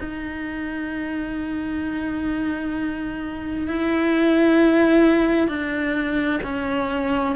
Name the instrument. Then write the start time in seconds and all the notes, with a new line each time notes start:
cello
0.00 D#4
3.68 E4
5.48 D4
6.44 C#4